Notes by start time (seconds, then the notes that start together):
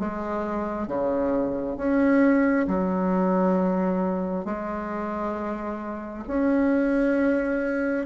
0.00 G#3
0.88 C#3
1.77 C#4
2.68 F#3
4.45 G#3
6.28 C#4